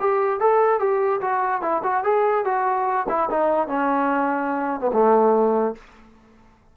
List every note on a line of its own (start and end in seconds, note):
0.00 0.40 G4
0.40 0.79 A4
0.79 1.20 G4
1.21 1.61 F#4
1.61 1.82 E4
1.83 2.03 F#4
2.03 2.45 G#4
2.45 3.06 F#4
3.09 3.29 E4
3.30 3.67 D#4
3.67 4.80 C#4
4.80 4.91 B3
4.93 5.75 A3